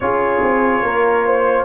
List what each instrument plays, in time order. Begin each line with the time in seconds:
0.00 tuba C#4, trombone F4, horn G#4, trumpet C#5
0.43 tuba C4
0.82 tuba A#3, horn A#4
1.26 horn C5